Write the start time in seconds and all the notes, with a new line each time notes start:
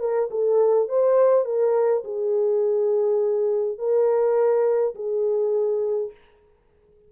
0.00 A#4
0.31 A4
0.89 C5
1.45 A#4
2.04 G#4
3.78 A#4
4.95 G#4